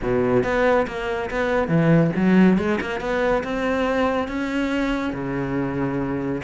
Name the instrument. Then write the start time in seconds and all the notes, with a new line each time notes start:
cello
0.02 B2
0.43 B3
0.87 A#3
1.30 B3
1.67 E3
2.15 F#3
2.58 G#3
2.80 A#3
3.00 B3
3.43 C4
4.27 C#4
5.13 C#3